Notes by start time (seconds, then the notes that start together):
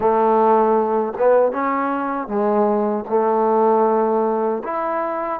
0.00 A3
1.18 B3
1.51 C#4
2.27 G#3
3.08 A3
4.64 E4